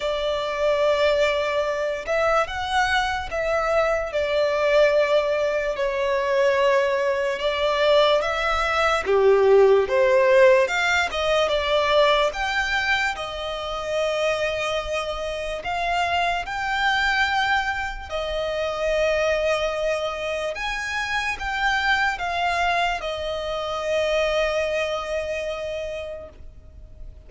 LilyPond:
\new Staff \with { instrumentName = "violin" } { \time 4/4 \tempo 4 = 73 d''2~ d''8 e''8 fis''4 | e''4 d''2 cis''4~ | cis''4 d''4 e''4 g'4 | c''4 f''8 dis''8 d''4 g''4 |
dis''2. f''4 | g''2 dis''2~ | dis''4 gis''4 g''4 f''4 | dis''1 | }